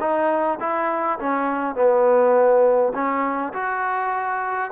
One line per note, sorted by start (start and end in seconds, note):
0.00 0.59 D#4
0.60 1.19 E4
1.19 1.75 C#4
1.75 2.93 B3
2.94 3.53 C#4
3.53 4.71 F#4